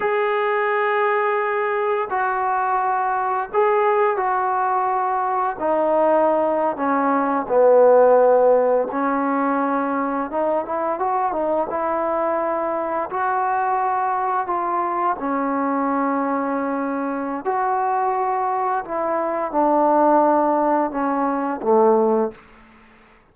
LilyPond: \new Staff \with { instrumentName = "trombone" } { \time 4/4 \tempo 4 = 86 gis'2. fis'4~ | fis'4 gis'4 fis'2 | dis'4.~ dis'16 cis'4 b4~ b16~ | b8. cis'2 dis'8 e'8 fis'16~ |
fis'16 dis'8 e'2 fis'4~ fis'16~ | fis'8. f'4 cis'2~ cis'16~ | cis'4 fis'2 e'4 | d'2 cis'4 a4 | }